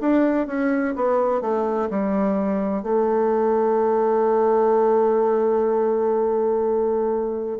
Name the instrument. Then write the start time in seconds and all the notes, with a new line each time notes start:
bassoon
0.00 D4
0.47 C#4
0.95 B3
1.41 A3
1.90 G3
2.82 A3